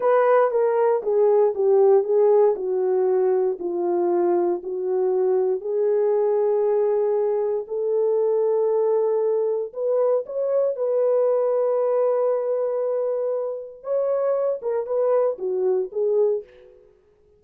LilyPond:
\new Staff \with { instrumentName = "horn" } { \time 4/4 \tempo 4 = 117 b'4 ais'4 gis'4 g'4 | gis'4 fis'2 f'4~ | f'4 fis'2 gis'4~ | gis'2. a'4~ |
a'2. b'4 | cis''4 b'2.~ | b'2. cis''4~ | cis''8 ais'8 b'4 fis'4 gis'4 | }